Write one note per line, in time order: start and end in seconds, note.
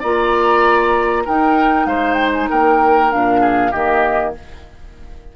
0.00 1.27 A#3
0.00 1.26 F4
0.00 1.24 D5
0.00 1.26 A#5
1.25 3.10 D#4
1.25 1.86 D#4
1.25 1.87 A#4
1.25 1.86 G5
1.86 2.48 G#3
1.86 2.50 C5
1.86 2.14 F5
2.14 2.30 G5
2.33 2.48 G#5
2.50 3.13 A#3
2.50 3.41 A#4
2.50 3.11 G5
3.10 3.74 A#2
3.10 3.72 D4
3.10 3.72 F5
3.41 3.71 G#4
3.71 4.36 D#3
3.71 4.35 A#3
3.71 4.33 G4
3.71 4.34 D#5